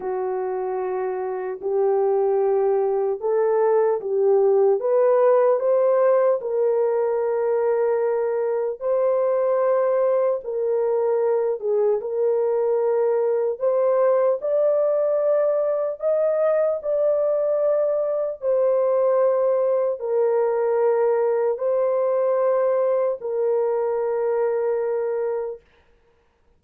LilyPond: \new Staff \with { instrumentName = "horn" } { \time 4/4 \tempo 4 = 75 fis'2 g'2 | a'4 g'4 b'4 c''4 | ais'2. c''4~ | c''4 ais'4. gis'8 ais'4~ |
ais'4 c''4 d''2 | dis''4 d''2 c''4~ | c''4 ais'2 c''4~ | c''4 ais'2. | }